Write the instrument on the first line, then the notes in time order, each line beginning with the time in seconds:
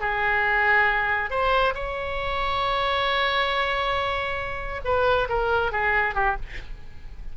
oboe
0.00 G#4
1.30 C5
1.74 C#5
4.84 B4
5.29 A#4
5.71 G#4
6.14 G4